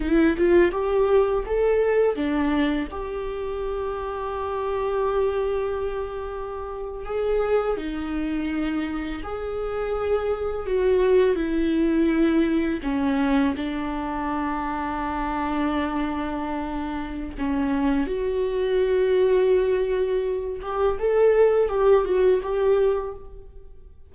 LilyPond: \new Staff \with { instrumentName = "viola" } { \time 4/4 \tempo 4 = 83 e'8 f'8 g'4 a'4 d'4 | g'1~ | g'4.~ g'16 gis'4 dis'4~ dis'16~ | dis'8. gis'2 fis'4 e'16~ |
e'4.~ e'16 cis'4 d'4~ d'16~ | d'1 | cis'4 fis'2.~ | fis'8 g'8 a'4 g'8 fis'8 g'4 | }